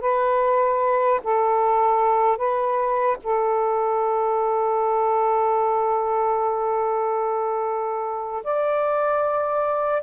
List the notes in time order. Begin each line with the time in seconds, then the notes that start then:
0.00 B4
1.23 A4
2.37 B4
3.23 A4
8.43 D5